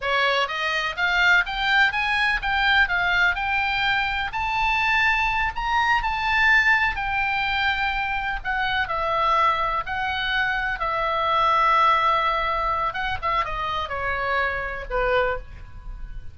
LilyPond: \new Staff \with { instrumentName = "oboe" } { \time 4/4 \tempo 4 = 125 cis''4 dis''4 f''4 g''4 | gis''4 g''4 f''4 g''4~ | g''4 a''2~ a''8 ais''8~ | ais''8 a''2 g''4.~ |
g''4. fis''4 e''4.~ | e''8 fis''2 e''4.~ | e''2. fis''8 e''8 | dis''4 cis''2 b'4 | }